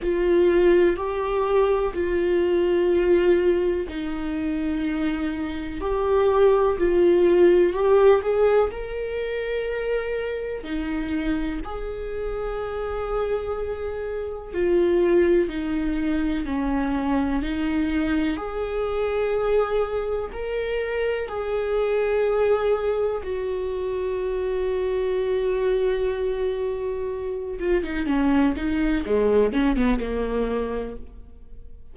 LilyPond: \new Staff \with { instrumentName = "viola" } { \time 4/4 \tempo 4 = 62 f'4 g'4 f'2 | dis'2 g'4 f'4 | g'8 gis'8 ais'2 dis'4 | gis'2. f'4 |
dis'4 cis'4 dis'4 gis'4~ | gis'4 ais'4 gis'2 | fis'1~ | fis'8 f'16 dis'16 cis'8 dis'8 gis8 cis'16 b16 ais4 | }